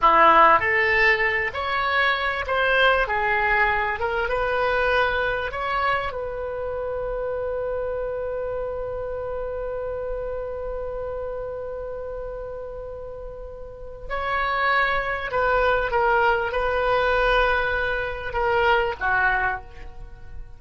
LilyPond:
\new Staff \with { instrumentName = "oboe" } { \time 4/4 \tempo 4 = 98 e'4 a'4. cis''4. | c''4 gis'4. ais'8 b'4~ | b'4 cis''4 b'2~ | b'1~ |
b'1~ | b'2. cis''4~ | cis''4 b'4 ais'4 b'4~ | b'2 ais'4 fis'4 | }